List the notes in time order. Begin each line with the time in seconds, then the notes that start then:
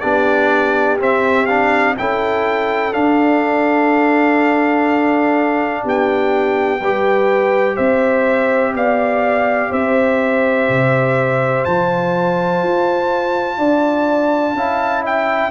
0.00 B3 D4 G4 D5
0.99 C4 E5
1.46 D4 F5
1.98 C#4 E4 A4 G5
2.92 D4 F5
5.84 B3 G4 G5
6.80 G3 G4 B4
7.76 C4 C5 E5
8.74 B3 D5 F5
9.70 C4 C5 E5
10.69 C3
11.65 F3 F4 A5
12.63 F4
13.58 D4 D5
14.53 C#4 E4 F5
15.02 E5 G5